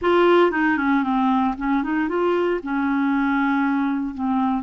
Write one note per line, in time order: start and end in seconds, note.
0.01 0.51 F4
0.51 0.77 D#4
0.77 1.03 C#4
1.03 1.54 C4
1.57 1.83 C#4
1.83 2.08 D#4
2.08 2.60 F4
2.63 4.14 C#4
4.14 4.63 C4